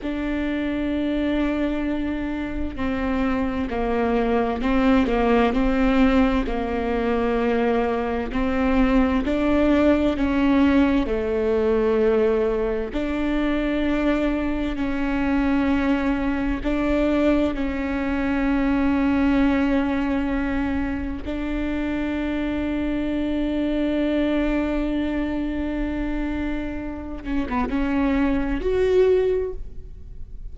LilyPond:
\new Staff \with { instrumentName = "viola" } { \time 4/4 \tempo 4 = 65 d'2. c'4 | ais4 c'8 ais8 c'4 ais4~ | ais4 c'4 d'4 cis'4 | a2 d'2 |
cis'2 d'4 cis'4~ | cis'2. d'4~ | d'1~ | d'4. cis'16 b16 cis'4 fis'4 | }